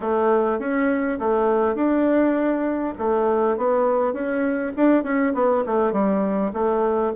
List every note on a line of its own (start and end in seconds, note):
0.00 0.59 A3
0.59 1.18 C#4
1.19 1.75 A3
1.75 2.94 D4
2.98 3.57 A3
3.57 4.13 B3
4.13 4.72 C#4
4.76 5.03 D4
5.03 5.33 C#4
5.34 5.64 B3
5.65 5.92 A3
5.92 6.51 G3
6.53 7.12 A3